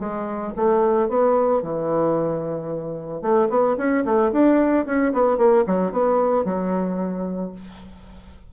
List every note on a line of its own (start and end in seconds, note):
0.00 0.54 G#3
0.56 1.09 A3
1.09 1.63 B3
1.63 3.22 E3
3.22 3.49 A3
3.50 3.77 B3
3.78 4.05 C#4
4.05 4.32 A3
4.33 4.86 D4
4.86 5.13 C#4
5.14 5.38 B3
5.38 5.65 A#3
5.67 5.92 F#3
5.92 6.45 B3
6.45 7.52 F#3